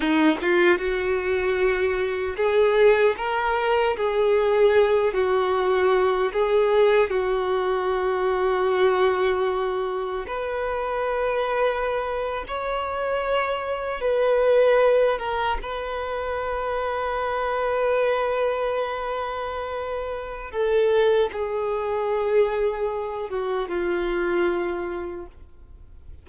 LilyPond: \new Staff \with { instrumentName = "violin" } { \time 4/4 \tempo 4 = 76 dis'8 f'8 fis'2 gis'4 | ais'4 gis'4. fis'4. | gis'4 fis'2.~ | fis'4 b'2~ b'8. cis''16~ |
cis''4.~ cis''16 b'4. ais'8 b'16~ | b'1~ | b'2 a'4 gis'4~ | gis'4. fis'8 f'2 | }